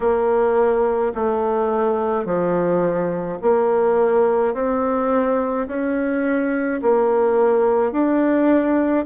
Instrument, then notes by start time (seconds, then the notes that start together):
bassoon
0.00 A#3
1.14 A3
2.25 F3
3.42 A#3
4.54 C4
5.67 C#4
6.82 A#3
7.92 D4